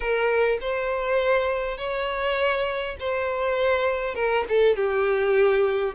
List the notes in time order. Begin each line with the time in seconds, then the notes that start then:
0.00 A#4
0.60 C5
1.77 C#5
2.99 C5
4.14 A#4
4.49 A4
4.76 G4